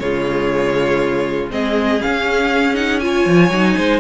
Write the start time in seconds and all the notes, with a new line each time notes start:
0.00 C#3 G#3 F4 C#5
1.51 G#3 C4 G#4 D#5
2.00 C#4 F5
2.07 C#4
2.75 D#4 F#5
3.00 F4 C#5 G#5
3.26 F3
3.50 F#3 D#4
3.78 G#3 C5